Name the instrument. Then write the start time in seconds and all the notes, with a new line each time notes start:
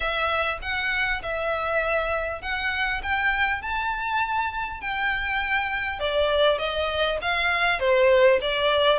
violin
0.00 E5
0.62 F#5
1.22 E5
2.41 F#5
3.02 G5
3.61 A5
4.81 G5
5.99 D5
6.58 D#5
7.21 F5
7.79 C5
8.41 D5